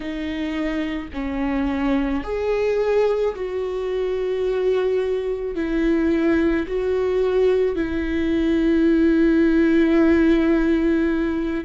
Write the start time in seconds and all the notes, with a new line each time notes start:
0.00 D#4
1.13 C#4
2.23 G#4
3.35 F#4
5.55 E4
6.67 F#4
7.75 E4